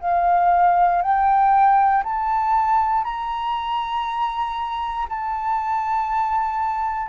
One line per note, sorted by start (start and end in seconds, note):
0.00 1.02 F5
1.02 2.03 G5
2.04 3.04 A5
3.04 5.08 A#5
5.09 7.09 A5